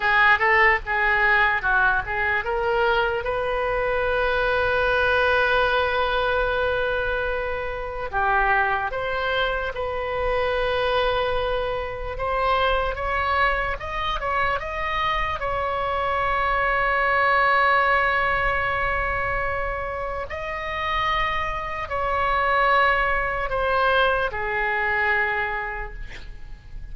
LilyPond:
\new Staff \with { instrumentName = "oboe" } { \time 4/4 \tempo 4 = 74 gis'8 a'8 gis'4 fis'8 gis'8 ais'4 | b'1~ | b'2 g'4 c''4 | b'2. c''4 |
cis''4 dis''8 cis''8 dis''4 cis''4~ | cis''1~ | cis''4 dis''2 cis''4~ | cis''4 c''4 gis'2 | }